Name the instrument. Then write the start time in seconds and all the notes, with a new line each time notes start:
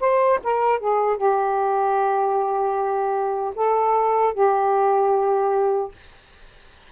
saxophone
0.00 C5
0.43 A#4
0.79 G#4
1.17 G4
3.55 A4
4.33 G4